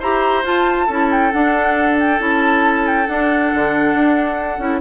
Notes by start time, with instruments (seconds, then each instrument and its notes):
0.00 bassoon E4, clarinet G4, oboe C5, flute A#5
0.44 clarinet F4, bassoon F4, flute A5
0.87 bassoon C#4, clarinet E4, oboe A4
1.12 flute G5
1.33 clarinet D4, bassoon D4, flute F#5
2.00 flute G5
2.19 bassoon C#4, clarinet E4, flute A5
2.87 flute G5
3.07 clarinet D4, bassoon D4, flute F#5
3.55 bassoon D3
3.95 bassoon D4
4.59 bassoon C#4, clarinet E4